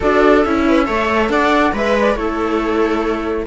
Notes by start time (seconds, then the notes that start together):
0.00 D4 F#4 A4 D5
0.44 C#4 E4 E5
0.67 B4
0.86 A3 A4 C#5
1.29 D4 D5 F#5
1.73 G#3 B4 E5
2.00 D5
2.15 A3 E4 A4 C#5